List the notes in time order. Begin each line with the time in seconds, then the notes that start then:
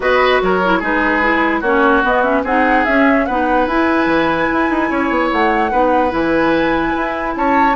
0.00 B3 F#4 B4 D#5
0.41 F#3 A#4 C#5
0.64 E4
0.79 G#3 D#4 G#4 B4
1.22 E4
1.60 A#3 C#4 F#4 C#5
2.03 B3 D#5
2.22 C#4 E5
2.43 C4 D#4 G#4 F#5
2.85 C#4 E5
3.25 B3 D#4 B4 F#5
3.67 E4 G#5
4.06 E3
4.52 E4
4.70 D#4
4.90 C#4 C#5
5.10 B3
5.31 A3 F#5
5.71 B3 D#4 B4
6.10 E3 E4 G#5
6.96 E4
7.36 C#4 C#5 A5